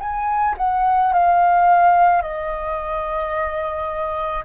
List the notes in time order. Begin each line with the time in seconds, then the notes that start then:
0.00 G#5
0.58 F#5
1.13 F5
2.22 D#5